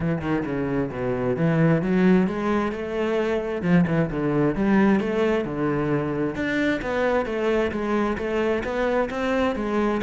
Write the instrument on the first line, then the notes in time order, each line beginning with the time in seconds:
cello
0.00 E3
0.21 D#3
0.45 C#3
0.91 B2
1.36 E3
1.81 F#3
2.27 G#3
2.71 A3
3.62 F3
3.87 E3
4.10 D3
4.55 G3
5.00 A3
5.44 D3
6.35 D4
6.81 B3
7.25 A3
7.71 G#3
8.17 A3
8.63 B3
9.10 C4
9.55 G#3